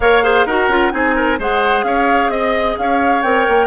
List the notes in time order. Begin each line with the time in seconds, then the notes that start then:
0.00 A#3 A#4 C#5 F5
0.23 G#4 C5
0.46 D#4 F#4 A#4 F#5
0.68 C#4 F4
0.91 C4 D#4 G#4 G#5
1.15 A#4
1.38 G#3 G#4 C5 F#5
1.83 C#4 C#5 F5
2.28 C4 D#5
2.77 C#4 C#5 F5
3.22 C4 A#4 G5
3.47 A#3